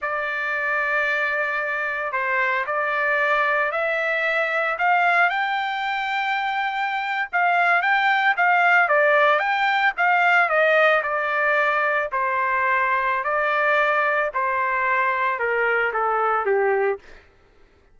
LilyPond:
\new Staff \with { instrumentName = "trumpet" } { \time 4/4 \tempo 4 = 113 d''1 | c''4 d''2 e''4~ | e''4 f''4 g''2~ | g''4.~ g''16 f''4 g''4 f''16~ |
f''8. d''4 g''4 f''4 dis''16~ | dis''8. d''2 c''4~ c''16~ | c''4 d''2 c''4~ | c''4 ais'4 a'4 g'4 | }